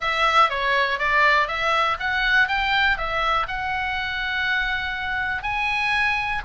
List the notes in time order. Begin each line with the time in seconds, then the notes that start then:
0.00 E5
0.49 C#5
0.98 D5
1.47 E5
1.99 F#5
2.48 G5
2.97 E5
3.47 F#5
5.42 G#5